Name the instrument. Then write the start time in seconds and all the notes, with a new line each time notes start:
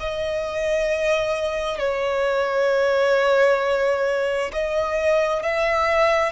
violin
0.00 D#5
1.79 C#5
4.52 D#5
5.43 E5